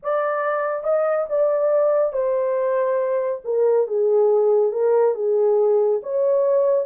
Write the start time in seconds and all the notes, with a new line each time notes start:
0.02 D5
0.83 D#5
1.29 D5
2.12 C5
3.44 A#4
3.87 G#4
4.71 A#4
5.14 G#4
6.02 C#5